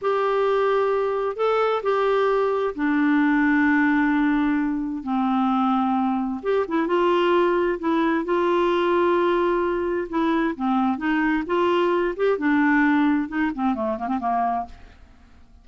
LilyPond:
\new Staff \with { instrumentName = "clarinet" } { \time 4/4 \tempo 4 = 131 g'2. a'4 | g'2 d'2~ | d'2. c'4~ | c'2 g'8 e'8 f'4~ |
f'4 e'4 f'2~ | f'2 e'4 c'4 | dis'4 f'4. g'8 d'4~ | d'4 dis'8 c'8 a8 ais16 c'16 ais4 | }